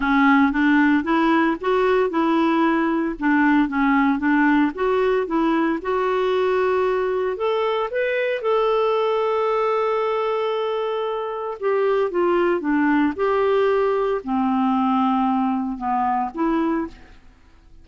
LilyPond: \new Staff \with { instrumentName = "clarinet" } { \time 4/4 \tempo 4 = 114 cis'4 d'4 e'4 fis'4 | e'2 d'4 cis'4 | d'4 fis'4 e'4 fis'4~ | fis'2 a'4 b'4 |
a'1~ | a'2 g'4 f'4 | d'4 g'2 c'4~ | c'2 b4 e'4 | }